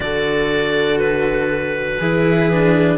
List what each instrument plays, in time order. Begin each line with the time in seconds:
0.00 cello D3 F#4, viola A4, clarinet D5
0.98 clarinet B4
1.98 cello E3 E4, viola G#4
2.51 cello D4